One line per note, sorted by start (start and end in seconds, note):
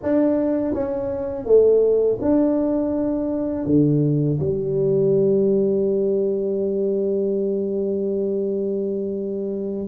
0.02 0.73 D4
0.73 1.45 C#4
1.45 2.18 A3
2.21 3.65 D4
3.65 4.38 D3
4.39 9.87 G3